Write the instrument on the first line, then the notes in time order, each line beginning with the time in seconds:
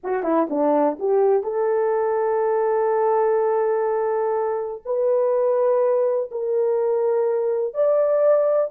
horn
0.03 F#4
0.23 E4
0.49 D4
0.99 G4
1.43 A4
4.85 B4
6.31 A#4
7.74 D5